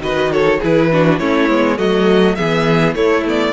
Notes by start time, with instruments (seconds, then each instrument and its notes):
0.00 cello D#3, viola F#4, violin B4 D#5
0.32 violin A4 C#5
0.60 cello E3, viola E4, violin G#4 B4
0.91 viola D4, violin F#4
1.19 cello A3, viola C#4, violin E4 C#5
1.48 cello G#3, viola B3
1.78 cello F#3, viola A3, violin F#4 D#5
2.35 cello E3, viola B3, violin G#4 E5
2.95 cello A3, viola A3, violin E4 C#5
3.27 viola B3, violin D5